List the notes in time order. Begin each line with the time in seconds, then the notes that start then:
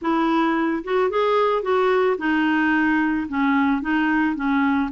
0.01 E4
0.84 F#4
1.09 G#4
1.62 F#4
2.18 D#4
3.28 C#4
3.81 D#4
4.35 C#4